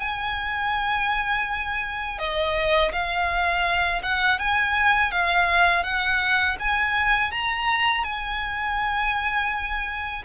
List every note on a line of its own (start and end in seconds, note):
0.00 2.19 G#5
2.19 2.92 D#5
2.92 4.02 F5
4.03 4.39 F#5
4.39 5.12 G#5
5.12 5.83 F5
5.83 6.57 F#5
6.60 7.32 G#5
7.32 8.04 A#5
8.04 10.23 G#5